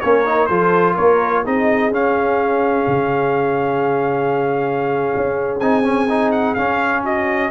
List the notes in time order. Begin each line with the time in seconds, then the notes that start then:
0.00 A#3 C#4 A#4 C#5
0.25 D#4
0.46 F3 F4 A4 C5
0.95 A#3 A#4 C#5
1.43 C4 D#4 G#4 D#5
1.90 C#4 F5
2.87 C#3
5.16 C#4
5.59 C4 D#4 G#5
5.83 C#4
6.09 D#4
6.31 F#5
6.54 C#4 F5
7.03 F#4 D#5